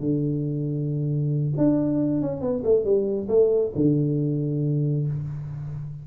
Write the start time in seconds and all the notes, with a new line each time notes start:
0.00 D3
1.57 D4
2.21 C#4
2.41 B3
2.64 A3
2.84 G3
3.29 A3
3.76 D3